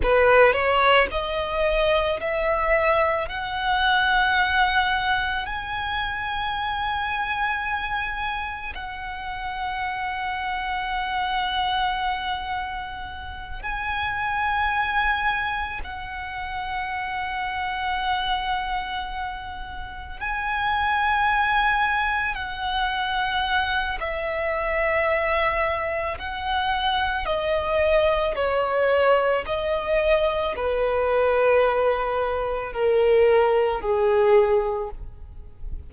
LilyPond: \new Staff \with { instrumentName = "violin" } { \time 4/4 \tempo 4 = 55 b'8 cis''8 dis''4 e''4 fis''4~ | fis''4 gis''2. | fis''1~ | fis''8 gis''2 fis''4.~ |
fis''2~ fis''8 gis''4.~ | gis''8 fis''4. e''2 | fis''4 dis''4 cis''4 dis''4 | b'2 ais'4 gis'4 | }